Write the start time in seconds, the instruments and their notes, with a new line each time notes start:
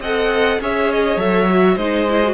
0.00 cello C4, viola A4, violin D#5 F#5
0.60 cello C#4, viola G#4, violin C#5 E5
0.91 violin D#5
1.17 cello F#3, viola A4, violin E5
1.50 viola F#4
1.76 cello G#3, viola D#4, violin C5 D#5
2.09 viola E4
2.24 viola F#4